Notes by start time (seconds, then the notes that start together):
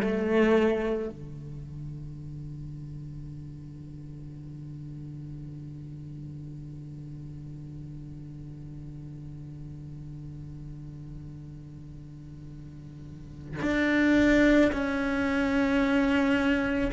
0.00 A3
1.09 D3
13.62 D4
14.72 C#4